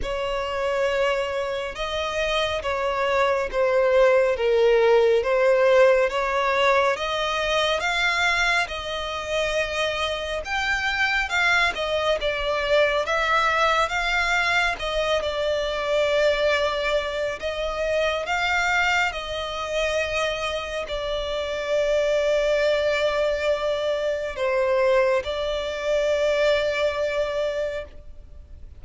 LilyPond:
\new Staff \with { instrumentName = "violin" } { \time 4/4 \tempo 4 = 69 cis''2 dis''4 cis''4 | c''4 ais'4 c''4 cis''4 | dis''4 f''4 dis''2 | g''4 f''8 dis''8 d''4 e''4 |
f''4 dis''8 d''2~ d''8 | dis''4 f''4 dis''2 | d''1 | c''4 d''2. | }